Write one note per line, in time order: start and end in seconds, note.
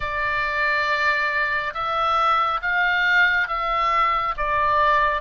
0.00 1.73 D5
1.74 2.60 E5
2.62 3.47 F5
3.47 4.34 E5
4.37 5.21 D5